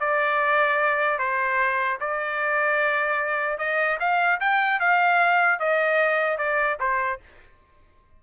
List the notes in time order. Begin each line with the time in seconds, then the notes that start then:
0.00 D5
1.19 C5
2.00 D5
3.58 D#5
4.00 F5
4.40 G5
4.80 F5
5.59 D#5
6.38 D5
6.80 C5